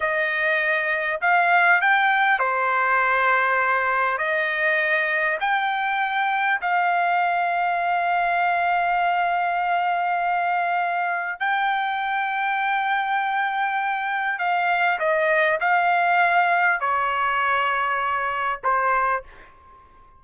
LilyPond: \new Staff \with { instrumentName = "trumpet" } { \time 4/4 \tempo 4 = 100 dis''2 f''4 g''4 | c''2. dis''4~ | dis''4 g''2 f''4~ | f''1~ |
f''2. g''4~ | g''1 | f''4 dis''4 f''2 | cis''2. c''4 | }